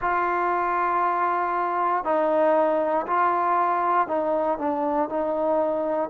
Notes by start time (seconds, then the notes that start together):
0.00 F4
2.04 D#4
3.06 F4
4.07 D#4
4.58 D4
5.09 D#4